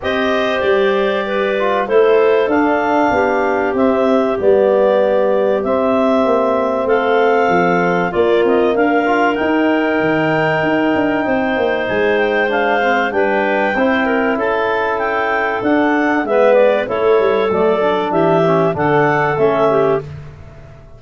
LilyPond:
<<
  \new Staff \with { instrumentName = "clarinet" } { \time 4/4 \tempo 4 = 96 dis''4 d''2 c''4 | f''2 e''4 d''4~ | d''4 e''2 f''4~ | f''4 d''8 dis''8 f''4 g''4~ |
g''2. gis''8 g''8 | f''4 g''2 a''4 | g''4 fis''4 e''8 d''8 cis''4 | d''4 e''4 fis''4 e''4 | }
  \new Staff \with { instrumentName = "clarinet" } { \time 4/4 c''2 b'4 a'4~ | a'4 g'2.~ | g'2. a'4~ | a'4 f'4 ais'2~ |
ais'2 c''2~ | c''4 b'4 c''8 ais'8 a'4~ | a'2 b'4 a'4~ | a'4 g'4 a'4. g'8 | }
  \new Staff \with { instrumentName = "trombone" } { \time 4/4 g'2~ g'8 f'8 e'4 | d'2 c'4 b4~ | b4 c'2.~ | c'4 ais4. f'8 dis'4~ |
dis'1 | d'8 c'8 d'4 e'2~ | e'4 d'4 b4 e'4 | a8 d'4 cis'8 d'4 cis'4 | }
  \new Staff \with { instrumentName = "tuba" } { \time 4/4 c'4 g2 a4 | d'4 b4 c'4 g4~ | g4 c'4 ais4 a4 | f4 ais8 c'8 d'4 dis'4 |
dis4 dis'8 d'8 c'8 ais8 gis4~ | gis4 g4 c'4 cis'4~ | cis'4 d'4 gis4 a8 g8 | fis4 e4 d4 a4 | }
>>